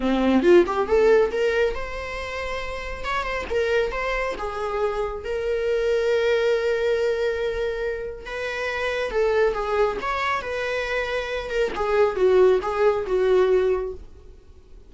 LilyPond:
\new Staff \with { instrumentName = "viola" } { \time 4/4 \tempo 4 = 138 c'4 f'8 g'8 a'4 ais'4 | c''2. cis''8 c''8 | ais'4 c''4 gis'2 | ais'1~ |
ais'2. b'4~ | b'4 a'4 gis'4 cis''4 | b'2~ b'8 ais'8 gis'4 | fis'4 gis'4 fis'2 | }